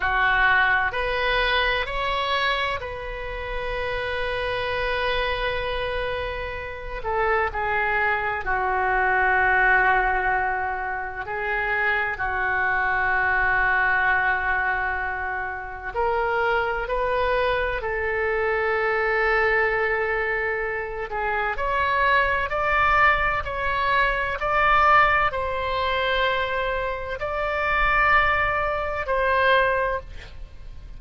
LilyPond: \new Staff \with { instrumentName = "oboe" } { \time 4/4 \tempo 4 = 64 fis'4 b'4 cis''4 b'4~ | b'2.~ b'8 a'8 | gis'4 fis'2. | gis'4 fis'2.~ |
fis'4 ais'4 b'4 a'4~ | a'2~ a'8 gis'8 cis''4 | d''4 cis''4 d''4 c''4~ | c''4 d''2 c''4 | }